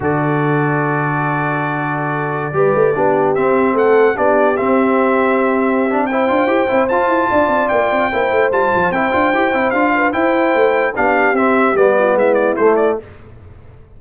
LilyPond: <<
  \new Staff \with { instrumentName = "trumpet" } { \time 4/4 \tempo 4 = 148 d''1~ | d''1~ | d''16 e''4 fis''4 d''4 e''8.~ | e''2. g''4~ |
g''4 a''2 g''4~ | g''4 a''4 g''2 | f''4 g''2 f''4 | e''4 d''4 e''8 d''8 c''8 d''8 | }
  \new Staff \with { instrumentName = "horn" } { \time 4/4 a'1~ | a'2~ a'16 b'4 g'8.~ | g'4~ g'16 a'4 g'4.~ g'16~ | g'2. c''4~ |
c''2 d''2 | c''1~ | c''8 b'8 c''2 g'4~ | g'4. f'8 e'2 | }
  \new Staff \with { instrumentName = "trombone" } { \time 4/4 fis'1~ | fis'2~ fis'16 g'4 d'8.~ | d'16 c'2 d'4 c'8.~ | c'2~ c'8 d'8 e'8 f'8 |
g'8 e'8 f'2. | e'4 f'4 e'8 f'8 g'8 e'8 | f'4 e'2 d'4 | c'4 b2 a4 | }
  \new Staff \with { instrumentName = "tuba" } { \time 4/4 d1~ | d2~ d16 g8 a8 b8.~ | b16 c'4 a4 b4 c'8.~ | c'2.~ c'8 d'8 |
e'8 c'8 f'8 e'8 d'8 c'8 ais8 c'8 | ais8 a8 g8 f8 c'8 d'8 e'8 c'8 | d'4 e'4 a4 b4 | c'4 g4 gis4 a4 | }
>>